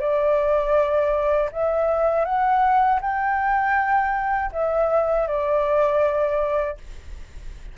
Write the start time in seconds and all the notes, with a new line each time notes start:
0.00 D5
1.52 E5
2.25 F#5
3.01 G5
4.52 E5
5.27 D5